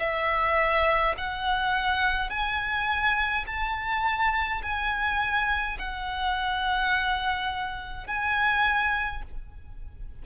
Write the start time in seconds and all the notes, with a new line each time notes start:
0.00 E5
1.18 F#5
2.30 G#5
3.47 A5
4.63 G#5
5.79 F#5
8.07 G#5